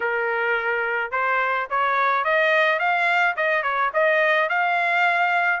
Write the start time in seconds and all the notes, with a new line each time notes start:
0.00 A#4
1.11 C5
1.69 C#5
2.24 D#5
2.79 F5
3.36 D#5
3.62 C#5
3.93 D#5
4.49 F5